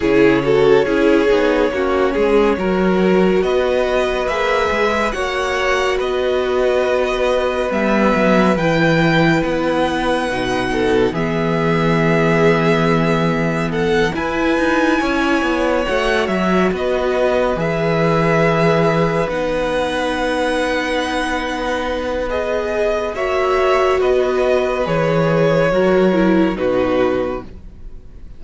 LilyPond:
<<
  \new Staff \with { instrumentName = "violin" } { \time 4/4 \tempo 4 = 70 cis''1 | dis''4 e''4 fis''4 dis''4~ | dis''4 e''4 g''4 fis''4~ | fis''4 e''2. |
fis''8 gis''2 fis''8 e''8 dis''8~ | dis''8 e''2 fis''4.~ | fis''2 dis''4 e''4 | dis''4 cis''2 b'4 | }
  \new Staff \with { instrumentName = "violin" } { \time 4/4 gis'8 a'8 gis'4 fis'8 gis'8 ais'4 | b'2 cis''4 b'4~ | b'1~ | b'8 a'8 gis'2. |
a'8 b'4 cis''2 b'8~ | b'1~ | b'2. cis''4 | b'2 ais'4 fis'4 | }
  \new Staff \with { instrumentName = "viola" } { \time 4/4 e'8 fis'8 e'8 dis'8 cis'4 fis'4~ | fis'4 gis'4 fis'2~ | fis'4 b4 e'2 | dis'4 b2.~ |
b8 e'2 fis'4.~ | fis'8 gis'2 dis'4.~ | dis'2 gis'4 fis'4~ | fis'4 gis'4 fis'8 e'8 dis'4 | }
  \new Staff \with { instrumentName = "cello" } { \time 4/4 cis4 cis'8 b8 ais8 gis8 fis4 | b4 ais8 gis8 ais4 b4~ | b4 g8 fis8 e4 b4 | b,4 e2.~ |
e8 e'8 dis'8 cis'8 b8 a8 fis8 b8~ | b8 e2 b4.~ | b2. ais4 | b4 e4 fis4 b,4 | }
>>